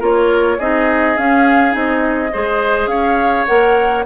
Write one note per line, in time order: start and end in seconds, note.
0.00 0.59 A#3
0.00 0.58 F4
0.00 0.58 A#4
0.00 0.60 C#5
0.59 1.18 C4
0.59 1.17 D#4
0.59 2.32 G#4
0.59 1.18 D#5
1.17 1.71 C#4
1.17 1.75 C#4
1.17 1.75 F5
1.71 2.32 C4
1.71 2.29 D#4
1.71 2.87 D#5
2.33 2.87 G#3
2.33 3.47 G#4
2.33 2.90 C5
2.87 3.44 C#4
2.87 4.06 C#5
2.87 3.45 F5
3.47 4.06 A#3
3.47 4.05 A#4
3.47 4.04 F#5